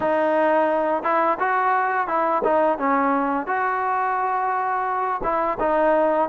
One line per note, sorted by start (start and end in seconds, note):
0.00 1.03 D#4
1.03 1.38 E4
1.39 2.07 F#4
2.07 2.42 E4
2.44 2.78 D#4
2.78 3.47 C#4
3.47 5.21 F#4
5.23 5.58 E4
5.59 6.29 D#4